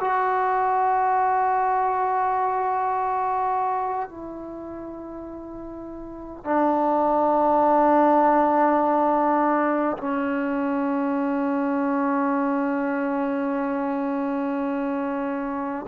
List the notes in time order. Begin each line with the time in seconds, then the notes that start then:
0.00 F#4
4.09 E4
6.44 D4
9.97 C#4